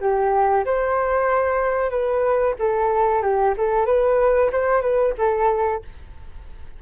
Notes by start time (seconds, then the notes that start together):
0.00 G4
0.65 C5
1.90 B4
2.59 A4
3.22 G4
3.57 A4
3.86 B4
4.52 C5
4.81 B4
5.18 A4